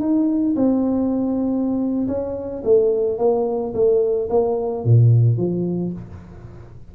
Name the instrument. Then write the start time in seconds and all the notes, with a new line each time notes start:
tuba
0.00 D#4
0.56 C4
2.07 C#4
2.64 A3
3.18 A#3
3.74 A3
4.30 A#3
4.84 A#2
5.37 F3